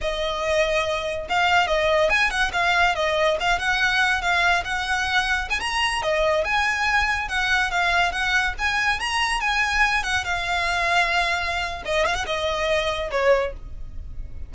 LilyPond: \new Staff \with { instrumentName = "violin" } { \time 4/4 \tempo 4 = 142 dis''2. f''4 | dis''4 gis''8 fis''8 f''4 dis''4 | f''8 fis''4. f''4 fis''4~ | fis''4 gis''16 ais''4 dis''4 gis''8.~ |
gis''4~ gis''16 fis''4 f''4 fis''8.~ | fis''16 gis''4 ais''4 gis''4. fis''16~ | fis''16 f''2.~ f''8. | dis''8 f''16 fis''16 dis''2 cis''4 | }